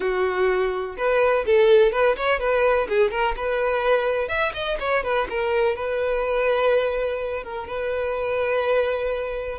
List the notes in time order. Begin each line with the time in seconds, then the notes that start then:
0.00 F#4
0.97 B4
1.46 A4
1.92 B4
2.16 C#5
2.39 B4
2.88 G#4
3.10 A#4
3.36 B4
4.28 E5
4.53 D#5
4.79 C#5
5.03 B4
5.29 A#4
5.75 B4
7.43 A#4
7.67 B4